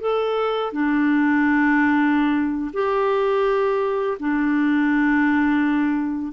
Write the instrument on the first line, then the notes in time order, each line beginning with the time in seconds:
clarinet
0.00 A4
0.72 D4
2.73 G4
4.19 D4